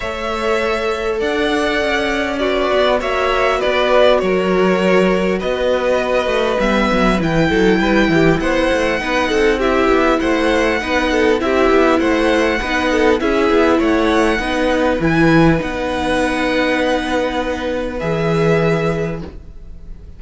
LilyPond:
<<
  \new Staff \with { instrumentName = "violin" } { \time 4/4 \tempo 4 = 100 e''2 fis''2 | d''4 e''4 d''4 cis''4~ | cis''4 dis''2 e''4 | g''2 fis''2 |
e''4 fis''2 e''4 | fis''2 e''4 fis''4~ | fis''4 gis''4 fis''2~ | fis''2 e''2 | }
  \new Staff \with { instrumentName = "violin" } { \time 4/4 cis''2 d''2 | fis'4 cis''4 b'4 ais'4~ | ais'4 b'2.~ | b'8 a'8 b'8 g'8 c''4 b'8 a'8 |
g'4 c''4 b'8 a'8 g'4 | c''4 b'8 a'8 gis'4 cis''4 | b'1~ | b'1 | }
  \new Staff \with { instrumentName = "viola" } { \time 4/4 a'1 | b'4 fis'2.~ | fis'2. b4 | e'2. dis'4 |
e'2 dis'4 e'4~ | e'4 dis'4 e'2 | dis'4 e'4 dis'2~ | dis'2 gis'2 | }
  \new Staff \with { instrumentName = "cello" } { \time 4/4 a2 d'4 cis'4~ | cis'8 b8 ais4 b4 fis4~ | fis4 b4. a8 g8 fis8 | e8 fis8 g8 e8 b8 a8 b8 c'8~ |
c'8 b8 a4 b4 c'8 b8 | a4 b4 cis'8 b8 a4 | b4 e4 b2~ | b2 e2 | }
>>